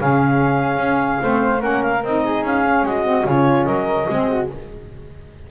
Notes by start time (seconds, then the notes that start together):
0.00 C#3 C#4 G#4 F5
0.77 C#4
1.22 A3 C4 C5
1.59 A#3 C#4 A#4 F#5
1.82 F5
2.03 C4 D#4 D#5
2.24 G#4
2.42 C#4 F5
2.64 C#4
2.82 G#3 F#4 D#5
3.05 C4
3.25 C#3 C#4 F4 C#5
3.64 F#3 A#4 D#5
4.09 G#3 C4 G#4
4.28 F#4